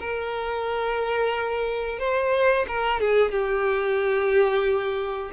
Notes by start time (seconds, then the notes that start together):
0.00 A#4
1.99 C5
2.68 A#4
3.00 G#4
3.32 G4